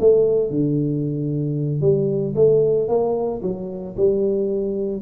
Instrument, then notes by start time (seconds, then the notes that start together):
tuba
0.00 A3
0.50 D3
1.81 G3
2.36 A3
2.88 A#3
3.42 F#3
3.97 G3